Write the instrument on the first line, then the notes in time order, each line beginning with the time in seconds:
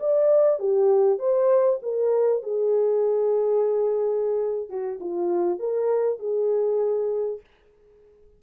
horn
0.00 D5
0.60 G4
1.19 C5
1.83 A#4
2.43 G#4
4.69 F#4
5.01 F4
5.60 A#4
6.20 G#4